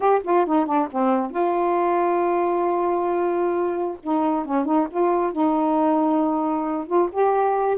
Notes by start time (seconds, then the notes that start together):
0.00 G4
0.23 F4
0.46 D#4
0.65 D4
0.91 C4
1.31 F4
4.02 D#4
4.45 C#4
4.65 D#4
4.90 F4
5.32 D#4
6.86 F4
7.12 G4